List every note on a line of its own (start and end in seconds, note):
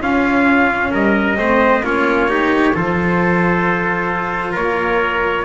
0.00 0.91 C#4
0.00 1.37 C#4
0.00 0.91 F4
0.00 0.93 F5
0.91 1.37 G3
0.91 1.36 A#4
0.91 1.84 D#5
1.37 1.80 A3
1.37 1.82 C4
1.37 1.84 C5
1.80 2.71 A#3
1.80 2.27 C#4
1.80 2.30 F4
1.80 2.75 C#5
2.27 2.73 D#4
2.27 2.74 G4
2.73 4.56 F3
2.73 5.44 F4
2.73 4.52 A4
2.73 4.55 C5
4.52 5.44 A#3
4.52 5.43 A#4
4.52 5.44 C#5